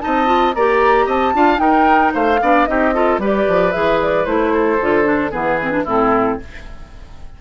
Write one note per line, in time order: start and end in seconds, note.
0.00 0.55 C4
0.00 0.26 D#4
0.00 0.56 D#5
0.00 0.53 A5
0.26 0.53 F4
0.54 1.07 A#3
0.54 1.35 G4
0.54 1.06 D5
0.54 1.07 A#5
1.06 1.33 C4
1.06 1.32 D#5
1.06 1.59 A5
1.34 1.59 D4
1.34 1.58 F4
1.34 1.61 F5
1.58 2.37 D#4
1.58 2.12 D#4
1.58 2.14 A#4
1.58 2.12 G5
2.14 2.41 A3
2.14 2.40 C5
2.14 2.66 F5
2.41 2.68 B3
2.41 2.67 D4
2.41 2.69 D5
2.66 3.18 C4
2.66 2.93 D#4
2.66 2.94 G4
2.66 3.19 D#5
2.94 3.20 F4
2.94 3.21 A4
3.18 3.45 G3
3.18 3.72 G4
3.18 4.53 B4
3.18 3.72 D5
3.48 3.75 F3
3.72 4.26 E3
3.72 4.25 G#4
3.72 3.98 E5
4.02 4.25 D5
4.25 4.79 A3
4.25 4.79 E4
4.25 5.31 C5
4.53 5.31 A4
4.81 5.34 D3
4.81 5.04 F4
5.04 5.31 D4
5.31 5.86 E3
5.31 5.59 B3
5.31 5.84 G#4
5.31 5.85 B4
5.62 5.71 C4
5.71 5.84 D4
5.84 6.39 A2
5.84 6.40 C4
5.84 6.37 E4
5.84 6.41 A4